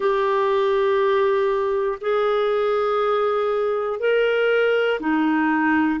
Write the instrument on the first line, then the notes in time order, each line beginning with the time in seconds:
clarinet
0.00 G4
2.00 G#4
3.99 A#4
5.00 D#4